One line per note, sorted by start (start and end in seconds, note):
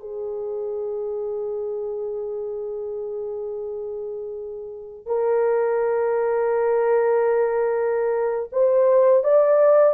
0.00 5.06 G#4
5.06 8.50 A#4
8.52 9.24 C5
9.24 9.94 D5